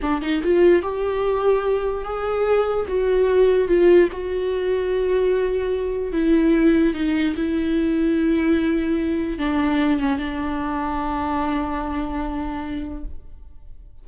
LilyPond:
\new Staff \with { instrumentName = "viola" } { \time 4/4 \tempo 4 = 147 d'8 dis'8 f'4 g'2~ | g'4 gis'2 fis'4~ | fis'4 f'4 fis'2~ | fis'2. e'4~ |
e'4 dis'4 e'2~ | e'2. d'4~ | d'8 cis'8 d'2.~ | d'1 | }